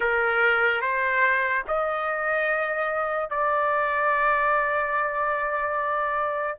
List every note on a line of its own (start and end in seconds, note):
0.00 0.81 A#4
0.81 1.63 C5
1.67 3.30 D#5
3.30 6.58 D5